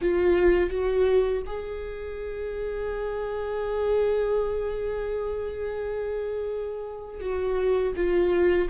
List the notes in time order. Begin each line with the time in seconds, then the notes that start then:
0.01 F4
0.70 F#4
1.46 G#4
7.20 F#4
7.96 F4